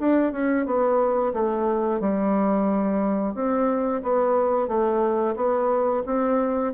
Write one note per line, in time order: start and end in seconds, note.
0.00 0.33 D4
0.33 0.66 C#4
0.66 1.34 B3
1.34 2.00 A3
2.00 3.35 G3
3.35 4.02 C4
4.03 4.68 B3
4.68 5.36 A3
5.36 6.03 B3
6.06 6.74 C4